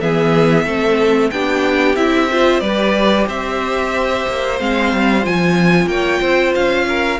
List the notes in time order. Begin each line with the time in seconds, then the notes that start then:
0.00 E3 B3 G#4 E5
0.65 A3 C4 A4
1.30 B3 D4 G4 G5
1.95 C4 E4 E5
2.30 F4 C5
2.60 G3 G4 B4 D5
3.27 C4 C5 E5
4.28 A#3
4.59 G#3 C4 F5
4.93 G3
5.22 F3 F4 G#5
5.86 A#3 C#5 G5
6.20 C4 C5
6.55 C#4 F5
6.88 A#4